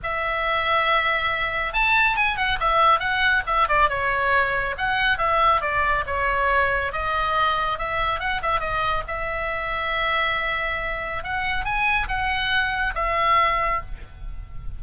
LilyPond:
\new Staff \with { instrumentName = "oboe" } { \time 4/4 \tempo 4 = 139 e''1 | a''4 gis''8 fis''8 e''4 fis''4 | e''8 d''8 cis''2 fis''4 | e''4 d''4 cis''2 |
dis''2 e''4 fis''8 e''8 | dis''4 e''2.~ | e''2 fis''4 gis''4 | fis''2 e''2 | }